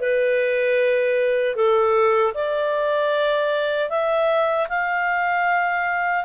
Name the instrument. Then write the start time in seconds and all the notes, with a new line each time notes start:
clarinet
0.00 B4
1.55 A4
2.34 D5
3.90 E5
4.69 F5